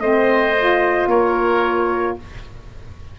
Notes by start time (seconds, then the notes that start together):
0.00 A3 C4 C5 D#5
0.59 F4
1.07 A#3 A#4 C#5